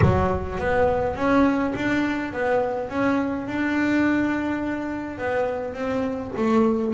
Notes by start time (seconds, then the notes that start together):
0.01 F#3
0.58 B3
1.15 C#4
1.75 D4
2.32 B3
2.89 C#4
3.47 D4
5.18 B3
5.74 C4
6.36 A3